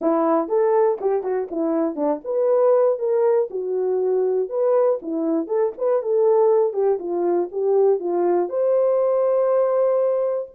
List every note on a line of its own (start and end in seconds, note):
0.01 0.48 E4
0.48 0.98 A4
1.00 1.23 G4
1.23 1.48 F#4
1.50 1.95 E4
1.95 2.20 D4
2.24 2.98 B4
2.98 3.48 A#4
3.50 4.49 F#4
4.49 4.99 B4
5.02 5.47 E4
5.47 5.72 A4
5.77 6.02 B4
6.02 6.73 A4
6.73 6.98 G4
6.99 7.49 F4
7.51 7.99 G4
7.99 8.49 F4
8.49 10.49 C5